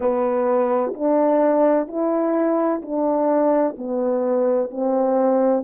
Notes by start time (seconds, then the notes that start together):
0.00 B3
0.94 D4
1.87 E4
2.82 D4
3.77 B3
4.70 C4